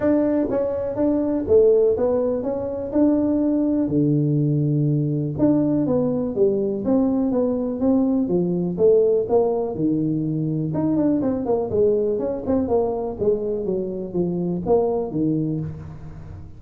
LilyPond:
\new Staff \with { instrumentName = "tuba" } { \time 4/4 \tempo 4 = 123 d'4 cis'4 d'4 a4 | b4 cis'4 d'2 | d2. d'4 | b4 g4 c'4 b4 |
c'4 f4 a4 ais4 | dis2 dis'8 d'8 c'8 ais8 | gis4 cis'8 c'8 ais4 gis4 | fis4 f4 ais4 dis4 | }